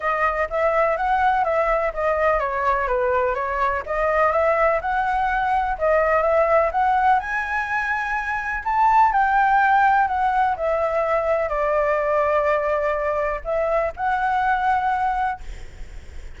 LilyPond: \new Staff \with { instrumentName = "flute" } { \time 4/4 \tempo 4 = 125 dis''4 e''4 fis''4 e''4 | dis''4 cis''4 b'4 cis''4 | dis''4 e''4 fis''2 | dis''4 e''4 fis''4 gis''4~ |
gis''2 a''4 g''4~ | g''4 fis''4 e''2 | d''1 | e''4 fis''2. | }